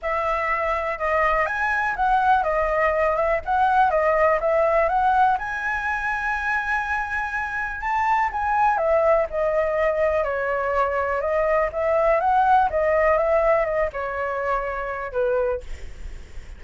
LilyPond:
\new Staff \with { instrumentName = "flute" } { \time 4/4 \tempo 4 = 123 e''2 dis''4 gis''4 | fis''4 dis''4. e''8 fis''4 | dis''4 e''4 fis''4 gis''4~ | gis''1 |
a''4 gis''4 e''4 dis''4~ | dis''4 cis''2 dis''4 | e''4 fis''4 dis''4 e''4 | dis''8 cis''2~ cis''8 b'4 | }